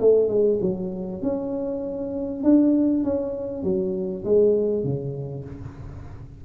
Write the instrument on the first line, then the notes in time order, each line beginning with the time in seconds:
tuba
0.00 A3
0.28 G#3
0.61 F#3
1.22 C#4
2.43 D4
3.04 C#4
3.63 F#3
4.25 G#3
4.84 C#3